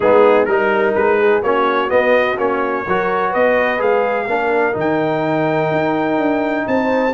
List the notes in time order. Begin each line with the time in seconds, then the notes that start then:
0.00 G#3 B3 D#4 G#4
0.45 G3 D#4 A#4
0.94 G#3 B4
1.19 G#4
1.42 A#3 C#4 F#4 C#5
1.89 B3 D#5
2.37 A#3 C#4 C#5
2.86 F#3 F#4 A#4
3.29 B3 B4 D#5
3.78 G#3 G#4 F5
4.27 A#3 D4 A#4
4.72 D#3 D#4
4.79 G5
5.71 D#4
6.18 D4
6.67 C4 C5 A5